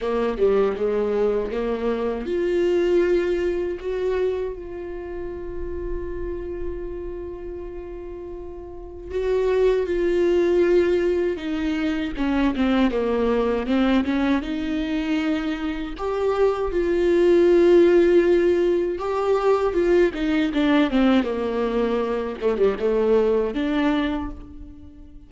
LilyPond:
\new Staff \with { instrumentName = "viola" } { \time 4/4 \tempo 4 = 79 ais8 g8 gis4 ais4 f'4~ | f'4 fis'4 f'2~ | f'1 | fis'4 f'2 dis'4 |
cis'8 c'8 ais4 c'8 cis'8 dis'4~ | dis'4 g'4 f'2~ | f'4 g'4 f'8 dis'8 d'8 c'8 | ais4. a16 g16 a4 d'4 | }